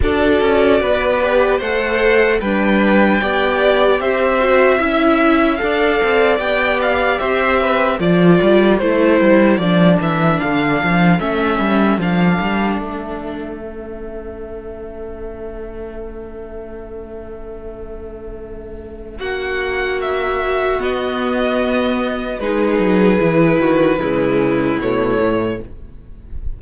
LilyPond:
<<
  \new Staff \with { instrumentName = "violin" } { \time 4/4 \tempo 4 = 75 d''2 fis''4 g''4~ | g''4 e''2 f''4 | g''8 f''8 e''4 d''4 c''4 | d''8 e''8 f''4 e''4 f''4 |
e''1~ | e''1 | fis''4 e''4 dis''2 | b'2. cis''4 | }
  \new Staff \with { instrumentName = "violin" } { \time 4/4 a'4 b'4 c''4 b'4 | d''4 c''4 e''4 d''4~ | d''4 c''8 b'8 a'2~ | a'1~ |
a'1~ | a'1 | fis'1 | gis'4. fis'8 e'2 | }
  \new Staff \with { instrumentName = "viola" } { \time 4/4 fis'4. g'8 a'4 d'4 | g'4. fis'8 e'4 a'4 | g'2 f'4 e'4 | d'2 cis'4 d'4~ |
d'4 cis'2.~ | cis'1~ | cis'2 b2 | dis'4 e'4 gis4 a4 | }
  \new Staff \with { instrumentName = "cello" } { \time 4/4 d'8 cis'8 b4 a4 g4 | b4 c'4 cis'4 d'8 c'8 | b4 c'4 f8 g8 a8 g8 | f8 e8 d8 f8 a8 g8 f8 g8 |
a1~ | a1 | ais2 b2 | gis8 fis8 e8 dis8 cis4 b,8 a,8 | }
>>